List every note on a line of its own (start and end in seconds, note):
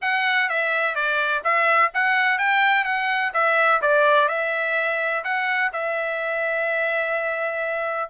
0.01 0.49 F#5
0.49 0.95 E5
0.95 1.42 D5
1.44 1.91 E5
1.94 2.38 F#5
2.38 2.84 G5
2.84 3.31 F#5
3.33 3.81 E5
3.81 4.28 D5
4.28 5.23 E5
5.24 5.71 F#5
5.73 8.09 E5